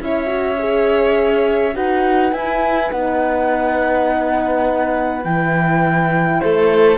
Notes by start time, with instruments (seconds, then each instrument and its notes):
0.00 cello C#4, horn E4, violin C#5, flute E5
0.27 horn F#4
0.59 horn G#4
1.74 cello D#4, horn F#4, violin B4, flute F#5
2.32 cello E4, horn E4, flute G#5
2.91 cello B3, horn D#4, flute F#5
5.24 cello E3, horn E4, flute G5
6.40 cello A3, violin A4, flute C5